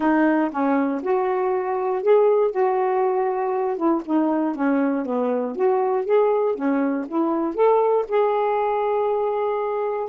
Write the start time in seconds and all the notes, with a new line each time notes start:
0.00 D#4
0.51 C#4
1.02 F#4
2.02 G#4
2.51 F#4
3.77 E4
4.05 D#4
4.55 C#4
5.05 B3
5.55 F#4
6.05 G#4
6.55 C#4
7.07 E4
7.54 A4
8.08 G#4